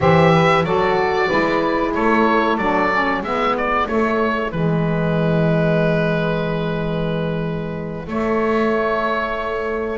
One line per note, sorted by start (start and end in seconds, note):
0.00 0.63 E3
0.00 0.64 G4
0.00 0.32 C5
0.00 0.64 E5
0.32 0.64 B4
0.63 1.28 F#3
0.63 1.29 F#4
0.63 1.27 A4
0.63 1.93 D5
1.27 1.94 G#3
1.27 2.58 E4
1.27 1.91 B4
1.94 2.57 A3
1.94 3.22 A4
1.94 2.57 C#5
2.57 3.22 F#3
2.57 2.91 D4
2.57 3.22 D5
2.92 3.24 C#4
3.22 3.86 G#3
3.22 3.87 B3
3.22 9.97 E4
3.22 3.56 E5
3.57 3.87 D5
3.87 4.50 A3
3.87 4.52 A3
3.87 4.51 C#5
4.50 8.07 E3
4.50 8.05 G#3
4.50 8.06 B4
8.05 9.97 A3
8.05 9.97 C#5